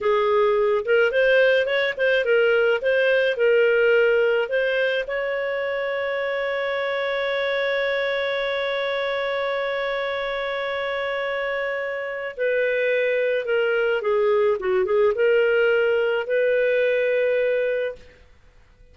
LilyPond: \new Staff \with { instrumentName = "clarinet" } { \time 4/4 \tempo 4 = 107 gis'4. ais'8 c''4 cis''8 c''8 | ais'4 c''4 ais'2 | c''4 cis''2.~ | cis''1~ |
cis''1~ | cis''2 b'2 | ais'4 gis'4 fis'8 gis'8 ais'4~ | ais'4 b'2. | }